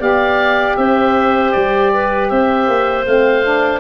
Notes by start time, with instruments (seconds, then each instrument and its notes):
0.00 tuba B3, saxophone G4, clarinet D5, oboe F5
0.77 tuba C4, clarinet C5, oboe E5
1.52 tuba G3, oboe D5
1.94 clarinet B4
2.30 tuba C4, clarinet C5, oboe E5
2.68 tuba A#3
3.06 tuba A3, saxophone C4, oboe F5
3.44 saxophone D4